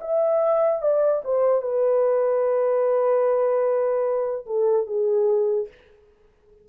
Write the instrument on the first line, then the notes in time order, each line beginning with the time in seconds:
horn
0.00 E5
0.81 D5
1.24 C5
1.61 B4
4.46 A4
4.86 G#4